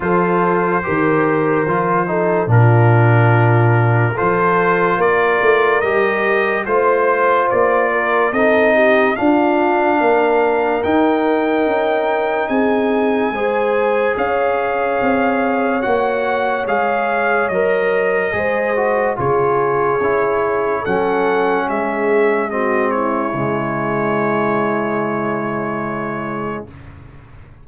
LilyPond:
<<
  \new Staff \with { instrumentName = "trumpet" } { \time 4/4 \tempo 4 = 72 c''2. ais'4~ | ais'4 c''4 d''4 dis''4 | c''4 d''4 dis''4 f''4~ | f''4 g''2 gis''4~ |
gis''4 f''2 fis''4 | f''4 dis''2 cis''4~ | cis''4 fis''4 e''4 dis''8 cis''8~ | cis''1 | }
  \new Staff \with { instrumentName = "horn" } { \time 4/4 a'4 ais'4. a'8 f'4~ | f'4 a'4 ais'2 | c''4. ais'8 a'8 g'8 f'4 | ais'2. gis'4 |
c''4 cis''2.~ | cis''2 c''4 gis'4~ | gis'4 a'4 gis'4 fis'8 e'8~ | e'1 | }
  \new Staff \with { instrumentName = "trombone" } { \time 4/4 f'4 g'4 f'8 dis'8 d'4~ | d'4 f'2 g'4 | f'2 dis'4 d'4~ | d'4 dis'2. |
gis'2. fis'4 | gis'4 ais'4 gis'8 fis'8 f'4 | e'4 cis'2 c'4 | gis1 | }
  \new Staff \with { instrumentName = "tuba" } { \time 4/4 f4 dis4 f4 ais,4~ | ais,4 f4 ais8 a8 g4 | a4 ais4 c'4 d'4 | ais4 dis'4 cis'4 c'4 |
gis4 cis'4 c'4 ais4 | gis4 fis4 gis4 cis4 | cis'4 fis4 gis2 | cis1 | }
>>